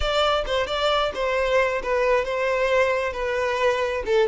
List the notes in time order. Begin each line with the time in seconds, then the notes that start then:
0.00 D5
0.46 C5
0.66 D5
1.14 C5
1.83 B4
2.24 C5
3.13 B4
4.05 A4